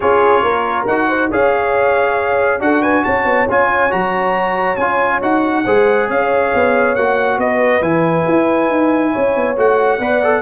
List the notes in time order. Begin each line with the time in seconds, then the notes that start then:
0.00 C#4 F4 G#4 C#5
0.42 A#3 A#4
0.87 D#4 F#4 F#5
1.08 C5
1.30 C#4 G#4 C#5 F5
2.60 D4 F#4 A4 F#5
2.81 B4 G#5
3.03 C#4 C#5 A5
3.24 B3
3.47 C#4 F4 G#5
3.90 F#3 F#4 A#5
4.76 C#4 F4 G#5
5.21 D#4 F#4 F#5
5.64 G#3 G#4 C5
6.08 C#4 C#5 F5
6.54 B3
6.95 A#3 F#4 F#5
7.37 B3 B4 D#5
7.81 E3 E4 G#5
8.27 E4
8.69 D#4
9.12 C#4 C#5
9.35 B3
9.56 A3 F#4 F#5
9.99 B3 B4 D5
10.23 A4